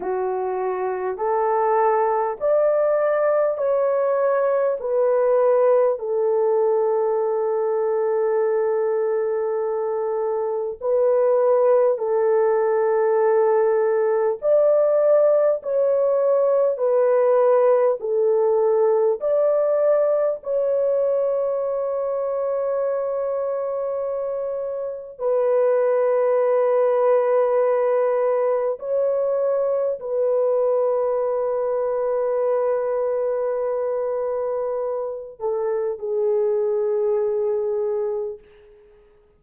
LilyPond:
\new Staff \with { instrumentName = "horn" } { \time 4/4 \tempo 4 = 50 fis'4 a'4 d''4 cis''4 | b'4 a'2.~ | a'4 b'4 a'2 | d''4 cis''4 b'4 a'4 |
d''4 cis''2.~ | cis''4 b'2. | cis''4 b'2.~ | b'4. a'8 gis'2 | }